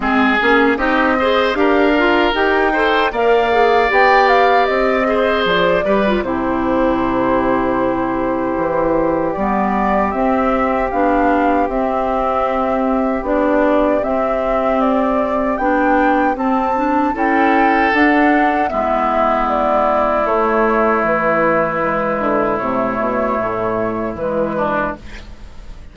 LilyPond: <<
  \new Staff \with { instrumentName = "flute" } { \time 4/4 \tempo 4 = 77 gis'4 dis''4 f''4 g''4 | f''4 g''8 f''8 dis''4 d''4 | c''1 | d''4 e''4 f''4 e''4~ |
e''4 d''4 e''4 d''4 | g''4 a''4 g''4 fis''4 | e''4 d''4 cis''4 b'4~ | b'4 cis''2 b'4 | }
  \new Staff \with { instrumentName = "oboe" } { \time 4/4 gis'4 g'8 c''8 ais'4. c''8 | d''2~ d''8 c''4 b'8 | g'1~ | g'1~ |
g'1~ | g'2 a'2 | e'1~ | e'2.~ e'8 d'8 | }
  \new Staff \with { instrumentName = "clarinet" } { \time 4/4 c'8 cis'8 dis'8 gis'8 g'8 f'8 g'8 a'8 | ais'8 gis'8 g'4. gis'4 g'16 f'16 | e'1 | b4 c'4 d'4 c'4~ |
c'4 d'4 c'2 | d'4 c'8 d'8 e'4 d'4 | b2 a2 | gis4 a2 gis4 | }
  \new Staff \with { instrumentName = "bassoon" } { \time 4/4 gis8 ais8 c'4 d'4 dis'4 | ais4 b4 c'4 f8 g8 | c2. e4 | g4 c'4 b4 c'4~ |
c'4 b4 c'2 | b4 c'4 cis'4 d'4 | gis2 a4 e4~ | e8 d8 c8 b,8 a,4 e4 | }
>>